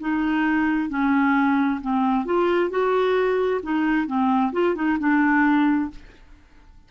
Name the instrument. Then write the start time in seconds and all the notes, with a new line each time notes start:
clarinet
0.00 D#4
0.89 C#4
1.81 C4
2.25 F4
2.70 F#4
3.63 D#4
4.07 C4
4.52 F4
4.75 D#4
4.99 D4